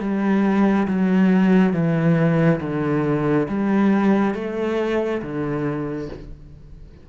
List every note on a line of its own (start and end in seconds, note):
0.00 0.87 G3
0.87 1.73 F#3
1.73 2.60 E3
2.60 3.47 D3
3.48 4.34 G3
4.34 5.21 A3
5.22 6.09 D3